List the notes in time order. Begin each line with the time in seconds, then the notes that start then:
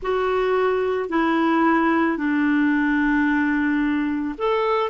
0.02 F#4
1.09 E4
2.17 D4
4.37 A4